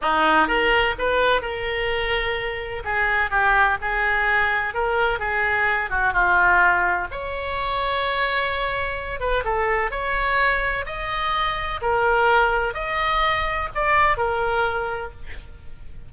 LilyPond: \new Staff \with { instrumentName = "oboe" } { \time 4/4 \tempo 4 = 127 dis'4 ais'4 b'4 ais'4~ | ais'2 gis'4 g'4 | gis'2 ais'4 gis'4~ | gis'8 fis'8 f'2 cis''4~ |
cis''2.~ cis''8 b'8 | a'4 cis''2 dis''4~ | dis''4 ais'2 dis''4~ | dis''4 d''4 ais'2 | }